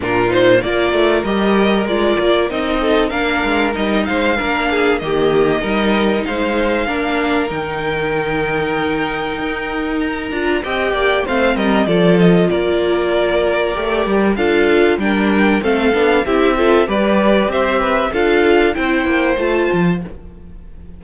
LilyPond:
<<
  \new Staff \with { instrumentName = "violin" } { \time 4/4 \tempo 4 = 96 ais'8 c''8 d''4 dis''4 d''4 | dis''4 f''4 dis''8 f''4. | dis''2 f''2 | g''1 |
ais''4 g''4 f''8 dis''8 d''8 dis''8 | d''2. f''4 | g''4 f''4 e''4 d''4 | e''4 f''4 g''4 a''4 | }
  \new Staff \with { instrumentName = "violin" } { \time 4/4 f'4 ais'2.~ | ais'8 a'8 ais'4. c''8 ais'8 gis'8 | g'4 ais'4 c''4 ais'4~ | ais'1~ |
ais'4 dis''8 d''8 c''8 ais'8 a'4 | ais'2. a'4 | ais'4 a'4 g'8 a'8 b'4 | c''8 b'8 a'4 c''2 | }
  \new Staff \with { instrumentName = "viola" } { \time 4/4 d'8 dis'8 f'4 g'4 f'4 | dis'4 d'4 dis'4 d'4 | ais4 dis'2 d'4 | dis'1~ |
dis'8 f'8 g'4 c'4 f'4~ | f'2 g'4 f'4 | d'4 c'8 d'8 e'8 f'8 g'4~ | g'4 f'4 e'4 f'4 | }
  \new Staff \with { instrumentName = "cello" } { \time 4/4 ais,4 ais8 a8 g4 gis8 ais8 | c'4 ais8 gis8 g8 gis8 ais4 | dis4 g4 gis4 ais4 | dis2. dis'4~ |
dis'8 d'8 c'8 ais8 a8 g8 f4 | ais2 a8 g8 d'4 | g4 a8 b8 c'4 g4 | c'4 d'4 c'8 ais8 a8 f8 | }
>>